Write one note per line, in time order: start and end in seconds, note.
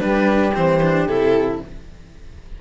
0.00 0.55 G3
0.00 0.53 D4
0.00 1.60 G4
0.00 0.54 B4
0.54 1.06 E3
0.54 0.81 C4
0.54 1.08 C5
0.83 1.09 D4
1.06 1.59 C3
1.06 1.61 E4
1.06 1.60 A4